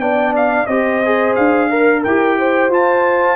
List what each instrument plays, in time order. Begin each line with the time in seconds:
0.00 tuba B3, trombone D4, horn D5, trumpet G5
0.37 trumpet F5
0.67 tuba C4, trombone G4, horn C5, trumpet D#5
1.06 trombone G#4
1.36 tuba D4, trumpet F5
1.71 trombone A#4, horn A#4
2.04 tuba E4, trombone G4, trumpet G5
2.39 horn C5
2.70 tuba F4, trombone F4, trumpet A5